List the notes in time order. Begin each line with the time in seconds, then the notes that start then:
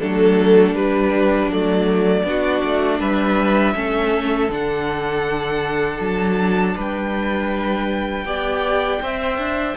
0.00 F#3 A3 D4 A4
0.73 G3 B4
1.48 F#3 A3 D5
2.24 B3 D4 F#4
2.64 A3
3.00 G3 B4 E5
3.75 A3 C#4 A4
4.49 D3 D4 F#5
6.00 F#3 A5
6.76 G3 B4 G5
8.25 B3 G4 D5
9.02 C4 C5 E5
9.38 D4